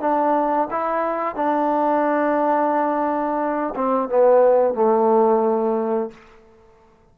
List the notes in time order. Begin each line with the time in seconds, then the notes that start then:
0.00 D4
0.71 E4
1.35 D4
3.75 C4
4.09 B3
4.74 A3